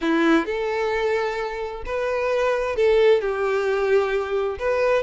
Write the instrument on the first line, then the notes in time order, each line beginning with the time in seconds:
violin
0.01 E4
0.45 A4
1.85 B4
2.76 A4
3.21 G4
4.58 B4